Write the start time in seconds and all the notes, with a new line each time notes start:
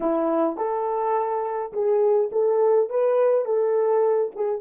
0.00 E4
0.57 A4
1.72 G#4
2.32 A4
2.89 B4
3.45 A4
4.35 G#4